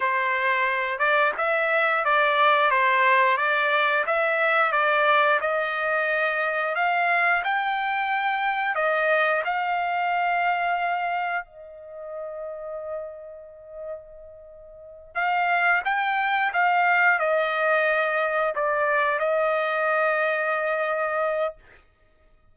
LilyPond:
\new Staff \with { instrumentName = "trumpet" } { \time 4/4 \tempo 4 = 89 c''4. d''8 e''4 d''4 | c''4 d''4 e''4 d''4 | dis''2 f''4 g''4~ | g''4 dis''4 f''2~ |
f''4 dis''2.~ | dis''2~ dis''8 f''4 g''8~ | g''8 f''4 dis''2 d''8~ | d''8 dis''2.~ dis''8 | }